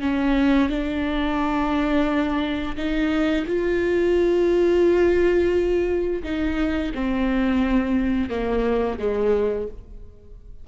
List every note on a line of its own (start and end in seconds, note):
0.00 0.69 C#4
0.69 2.76 D4
2.76 3.45 D#4
3.47 6.23 F4
6.23 6.92 D#4
6.94 8.29 C4
8.29 8.98 A#3
8.98 9.67 G#3